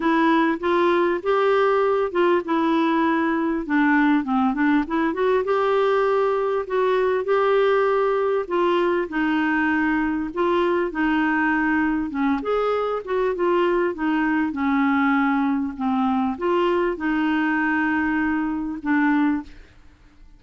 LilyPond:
\new Staff \with { instrumentName = "clarinet" } { \time 4/4 \tempo 4 = 99 e'4 f'4 g'4. f'8 | e'2 d'4 c'8 d'8 | e'8 fis'8 g'2 fis'4 | g'2 f'4 dis'4~ |
dis'4 f'4 dis'2 | cis'8 gis'4 fis'8 f'4 dis'4 | cis'2 c'4 f'4 | dis'2. d'4 | }